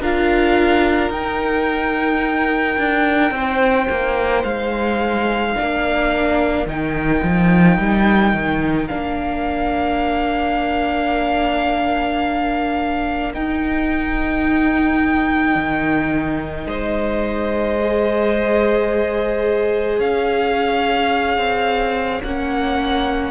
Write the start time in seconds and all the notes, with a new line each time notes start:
0.00 D4 F4 A#4 F5
1.10 D#4 G5
2.78 D4
3.31 C4 C5
3.91 A#3
4.44 G#3 F5
5.56 A#3 D4 A#4
6.66 D#3 D#4 G5
7.24 F3
7.78 G3
8.34 D#3
8.88 A#3 D4 F5
13.34 D#4 G5
15.56 D#3
16.66 G#3 C5 D#5
17.80 G#4
19.99 C#4 C#5 F5
21.38 C4
22.23 A#3 C#4 F#5